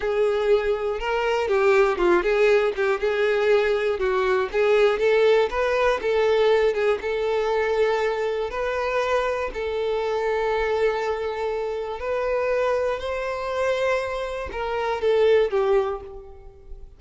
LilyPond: \new Staff \with { instrumentName = "violin" } { \time 4/4 \tempo 4 = 120 gis'2 ais'4 g'4 | f'8 gis'4 g'8 gis'2 | fis'4 gis'4 a'4 b'4 | a'4. gis'8 a'2~ |
a'4 b'2 a'4~ | a'1 | b'2 c''2~ | c''4 ais'4 a'4 g'4 | }